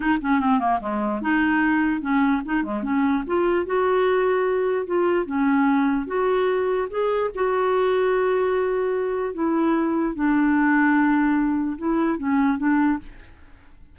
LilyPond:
\new Staff \with { instrumentName = "clarinet" } { \time 4/4 \tempo 4 = 148 dis'8 cis'8 c'8 ais8 gis4 dis'4~ | dis'4 cis'4 dis'8 gis8 cis'4 | f'4 fis'2. | f'4 cis'2 fis'4~ |
fis'4 gis'4 fis'2~ | fis'2. e'4~ | e'4 d'2.~ | d'4 e'4 cis'4 d'4 | }